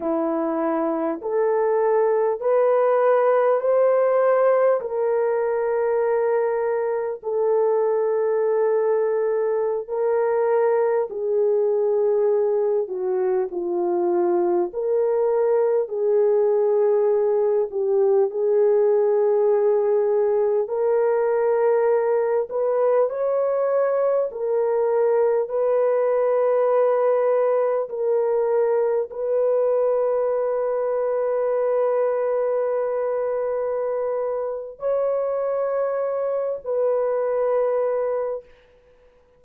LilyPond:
\new Staff \with { instrumentName = "horn" } { \time 4/4 \tempo 4 = 50 e'4 a'4 b'4 c''4 | ais'2 a'2~ | a'16 ais'4 gis'4. fis'8 f'8.~ | f'16 ais'4 gis'4. g'8 gis'8.~ |
gis'4~ gis'16 ais'4. b'8 cis''8.~ | cis''16 ais'4 b'2 ais'8.~ | ais'16 b'2.~ b'8.~ | b'4 cis''4. b'4. | }